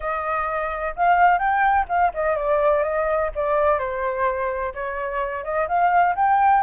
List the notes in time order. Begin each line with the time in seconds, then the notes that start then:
0.00 D#5
0.96 F5
1.38 G5
1.88 F5
2.14 D#5
2.36 D5
2.83 D#5
3.35 D5
3.78 C5
4.74 C#5
5.44 D#5
5.68 F5
6.15 G5